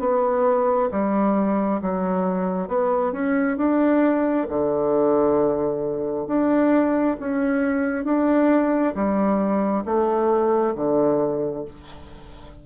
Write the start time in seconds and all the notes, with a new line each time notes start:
0.00 B3
0.91 G3
1.82 F#3
2.68 B3
3.13 C#4
3.57 D4
4.49 D3
6.27 D4
7.20 C#4
8.04 D4
8.95 G3
9.85 A3
10.75 D3